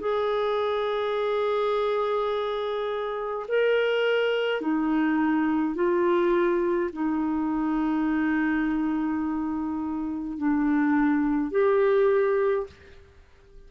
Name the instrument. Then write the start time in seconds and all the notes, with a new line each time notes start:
clarinet
0.00 G#4
3.48 A#4
4.61 D#4
5.75 F4
6.93 D#4
10.38 D4
11.51 G4